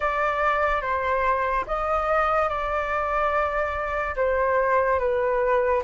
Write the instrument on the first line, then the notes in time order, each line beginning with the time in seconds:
flute
0.00 D5
0.81 C5
1.67 D#5
2.48 D5
4.16 C5
4.99 B4